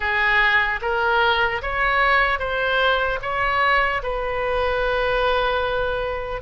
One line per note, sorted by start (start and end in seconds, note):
0.00 0.80 G#4
0.81 1.61 A#4
1.62 2.39 C#5
2.39 3.19 C5
3.22 4.02 C#5
4.03 6.41 B4